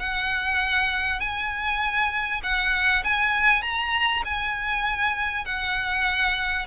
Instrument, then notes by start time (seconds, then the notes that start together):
violin
0.00 F#5
1.20 G#5
2.43 F#5
3.04 G#5
3.62 A#5
4.25 G#5
5.45 F#5